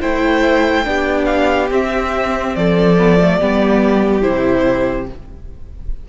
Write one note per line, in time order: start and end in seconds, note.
0.00 0.85 A3
0.00 0.84 E4
0.00 0.85 C5
0.00 1.25 G5
0.84 1.70 B3
0.84 1.69 D4
0.84 2.57 G4
1.25 1.67 F5
1.70 2.96 C4
1.70 2.54 C4
1.70 2.55 E5
2.55 3.40 F3
2.55 3.39 A4
2.55 4.22 D5
2.98 3.19 B3
3.20 3.40 A3
3.39 4.24 G3
3.39 4.21 B3
3.39 5.08 G4
4.21 5.09 C3
4.21 5.06 E4
4.21 5.06 C5